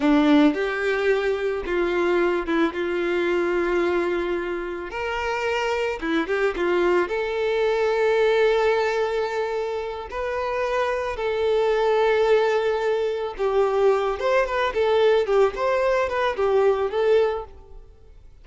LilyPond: \new Staff \with { instrumentName = "violin" } { \time 4/4 \tempo 4 = 110 d'4 g'2 f'4~ | f'8 e'8 f'2.~ | f'4 ais'2 e'8 g'8 | f'4 a'2.~ |
a'2~ a'8 b'4.~ | b'8 a'2.~ a'8~ | a'8 g'4. c''8 b'8 a'4 | g'8 c''4 b'8 g'4 a'4 | }